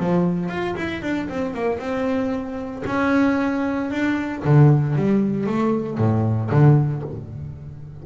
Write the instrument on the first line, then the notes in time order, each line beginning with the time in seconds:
double bass
0.00 F3
0.50 F4
0.77 E4
1.02 D4
1.29 C4
1.54 A#3
1.79 C4
2.87 C#4
3.91 D4
4.45 D3
4.96 G3
5.47 A3
5.98 A2
6.51 D3